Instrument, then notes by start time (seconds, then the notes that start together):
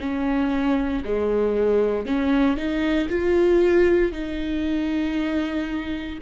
viola
0.00 C#4
1.05 G#3
2.06 C#4
2.57 D#4
3.09 F4
4.12 D#4